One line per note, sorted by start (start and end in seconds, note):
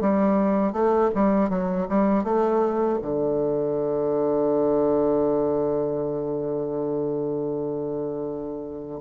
0.00 0.72 G3
0.72 1.10 A3
1.14 1.49 G3
1.49 1.86 F#3
1.89 2.24 G3
2.24 2.99 A3
3.01 9.00 D3